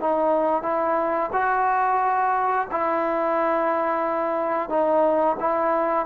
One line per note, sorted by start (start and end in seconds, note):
0.00 0.63 D#4
0.63 1.30 E4
1.32 2.67 F#4
2.72 4.69 E4
4.69 5.37 D#4
5.40 6.06 E4